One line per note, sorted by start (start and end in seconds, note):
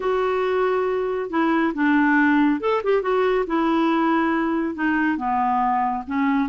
0.00 1.29 F#4
1.29 1.73 E4
1.74 2.60 D4
2.60 2.82 A4
2.83 3.02 G4
3.02 3.45 F#4
3.46 4.74 E4
4.74 5.17 D#4
5.17 6.03 B3
6.06 6.49 C#4